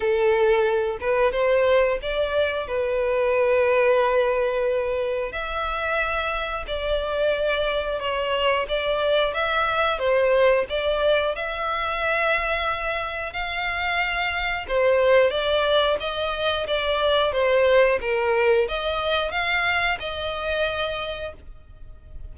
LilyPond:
\new Staff \with { instrumentName = "violin" } { \time 4/4 \tempo 4 = 90 a'4. b'8 c''4 d''4 | b'1 | e''2 d''2 | cis''4 d''4 e''4 c''4 |
d''4 e''2. | f''2 c''4 d''4 | dis''4 d''4 c''4 ais'4 | dis''4 f''4 dis''2 | }